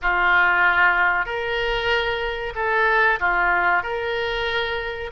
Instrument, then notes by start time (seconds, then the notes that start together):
oboe
0.02 F4
1.25 A#4
2.55 A4
3.19 F4
3.83 A#4